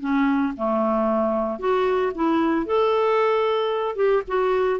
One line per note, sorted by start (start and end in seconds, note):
0.00 0.53 C#4
0.57 1.59 A3
1.59 2.12 F#4
2.15 2.66 E4
2.66 3.96 A4
3.96 4.22 G4
4.28 4.80 F#4